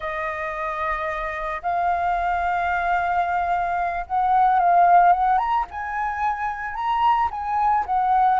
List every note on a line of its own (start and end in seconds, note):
0.00 1.61 D#5
1.62 4.05 F5
4.06 4.59 F#5
4.59 5.12 F5
5.12 5.38 F#5
5.38 5.65 A#5
5.71 6.74 G#5
6.74 7.29 A#5
7.30 7.85 G#5
7.86 8.39 F#5